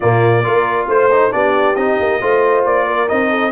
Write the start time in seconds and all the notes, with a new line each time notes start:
0.00 A#2 A#3 F4 D5
0.43 A#3 F4 A#4
0.88 A3 C5
1.11 D#4
1.31 B3 D4 G4 D5
1.75 C4 D#4 D#5
1.99 A#3
2.20 A3 F4 C5
2.65 A#3 D5
2.86 A#4
3.08 C4 D#4 D#5
3.30 A4